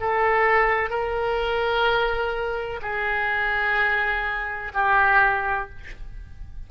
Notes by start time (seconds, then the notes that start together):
0.00 A4
0.90 A#4
2.81 G#4
4.74 G4